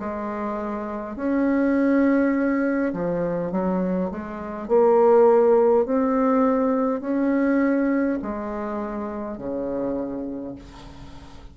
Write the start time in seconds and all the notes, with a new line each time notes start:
0.00 G#3
1.16 C#4
2.93 F3
3.51 F#3
4.11 G#3
4.68 A#3
5.86 C4
7.01 C#4
8.22 G#3
9.38 C#3